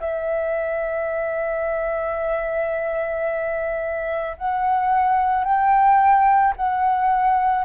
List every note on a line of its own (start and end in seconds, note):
0.00 4.36 E5
4.38 5.44 F#5
5.44 6.54 G5
6.57 7.65 F#5